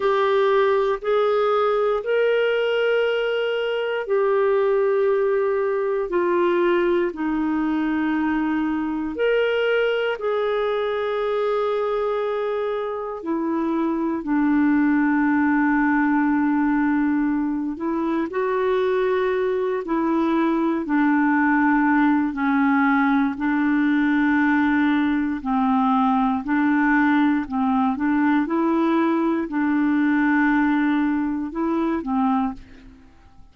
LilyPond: \new Staff \with { instrumentName = "clarinet" } { \time 4/4 \tempo 4 = 59 g'4 gis'4 ais'2 | g'2 f'4 dis'4~ | dis'4 ais'4 gis'2~ | gis'4 e'4 d'2~ |
d'4. e'8 fis'4. e'8~ | e'8 d'4. cis'4 d'4~ | d'4 c'4 d'4 c'8 d'8 | e'4 d'2 e'8 c'8 | }